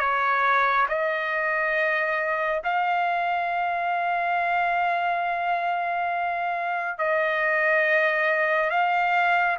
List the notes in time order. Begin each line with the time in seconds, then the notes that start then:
0.00 C#5
0.89 D#5
2.64 F5
6.98 D#5
8.70 F5